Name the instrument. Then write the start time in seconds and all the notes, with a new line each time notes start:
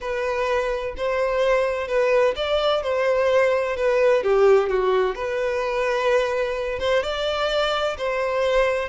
violin
0.01 B4
0.97 C5
1.87 B4
2.35 D5
2.83 C5
3.76 B4
4.23 G4
4.69 F#4
5.15 B4
6.79 C5
7.02 D5
7.97 C5